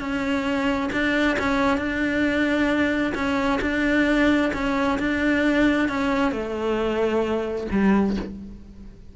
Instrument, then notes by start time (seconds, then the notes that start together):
cello
0.00 C#4
0.92 D4
1.39 C#4
1.78 D4
3.15 C#4
3.62 D4
4.54 C#4
4.99 D4
5.89 C#4
6.32 A3
7.71 G3